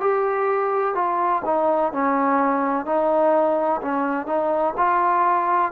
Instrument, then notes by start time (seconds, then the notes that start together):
trombone
0.00 G4
0.94 F4
1.45 D#4
1.92 C#4
2.85 D#4
3.81 C#4
4.26 D#4
4.77 F4